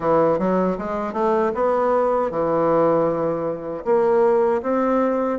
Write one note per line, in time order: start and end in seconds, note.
0.00 0.38 E3
0.38 0.77 F#3
0.78 1.13 G#3
1.13 1.51 A3
1.54 2.30 B3
2.30 3.84 E3
3.84 4.61 A#3
4.62 5.39 C4